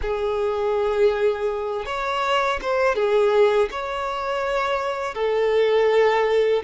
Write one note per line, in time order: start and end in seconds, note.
0.01 1.85 G#4
1.85 2.59 C#5
2.61 2.95 C5
2.95 3.69 G#4
3.71 5.14 C#5
5.14 6.62 A4